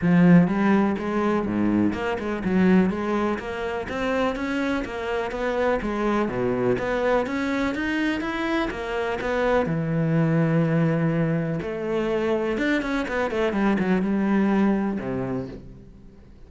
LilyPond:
\new Staff \with { instrumentName = "cello" } { \time 4/4 \tempo 4 = 124 f4 g4 gis4 gis,4 | ais8 gis8 fis4 gis4 ais4 | c'4 cis'4 ais4 b4 | gis4 b,4 b4 cis'4 |
dis'4 e'4 ais4 b4 | e1 | a2 d'8 cis'8 b8 a8 | g8 fis8 g2 c4 | }